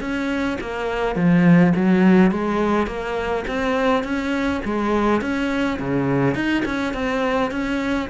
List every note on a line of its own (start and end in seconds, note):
0.00 0.58 C#4
0.61 1.15 A#3
1.15 1.73 F3
1.75 2.31 F#3
2.31 2.86 G#3
2.86 3.44 A#3
3.47 4.03 C4
4.03 4.61 C#4
4.64 5.21 G#3
5.21 5.78 C#4
5.79 6.35 C#3
6.35 6.63 D#4
6.65 6.93 C#4
6.93 7.51 C4
7.51 8.09 C#4